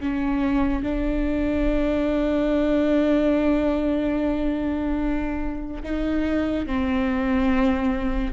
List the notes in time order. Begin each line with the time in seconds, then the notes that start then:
0.00 C#4
0.83 D4
5.83 D#4
6.66 C4